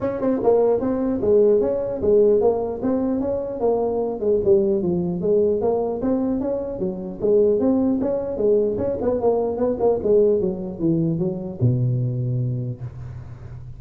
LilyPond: \new Staff \with { instrumentName = "tuba" } { \time 4/4 \tempo 4 = 150 cis'8 c'8 ais4 c'4 gis4 | cis'4 gis4 ais4 c'4 | cis'4 ais4. gis8 g4 | f4 gis4 ais4 c'4 |
cis'4 fis4 gis4 c'4 | cis'4 gis4 cis'8 b8 ais4 | b8 ais8 gis4 fis4 e4 | fis4 b,2. | }